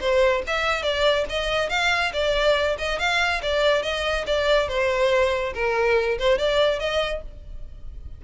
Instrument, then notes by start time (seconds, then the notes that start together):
violin
0.00 C5
0.47 E5
0.83 D5
1.29 D#5
1.69 F5
2.13 D5
2.78 D#5
2.99 F5
3.42 D5
3.82 D#5
4.26 D5
4.68 C5
5.54 A#4
6.18 C5
6.38 D5
6.79 D#5